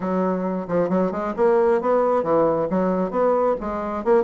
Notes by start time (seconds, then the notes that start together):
0.00 F#3
0.68 F3
0.89 F#3
1.11 G#3
1.36 A#3
1.81 B3
2.23 E3
2.70 F#3
3.10 B3
3.60 G#3
4.04 A#3